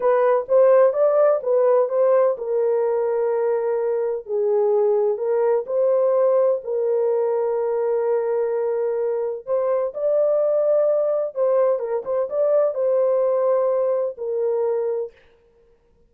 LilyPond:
\new Staff \with { instrumentName = "horn" } { \time 4/4 \tempo 4 = 127 b'4 c''4 d''4 b'4 | c''4 ais'2.~ | ais'4 gis'2 ais'4 | c''2 ais'2~ |
ais'1 | c''4 d''2. | c''4 ais'8 c''8 d''4 c''4~ | c''2 ais'2 | }